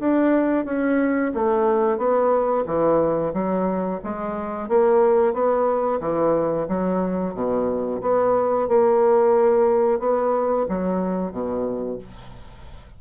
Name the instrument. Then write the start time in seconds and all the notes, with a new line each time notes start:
bassoon
0.00 D4
0.66 C#4
1.35 A3
1.98 B3
2.67 E3
3.34 F#3
4.04 G#3
4.69 A#3
5.34 B3
6.01 E3
6.69 F#3
7.35 B2
8.02 B3
8.68 A#3
10.00 B3
10.69 F#3
11.32 B2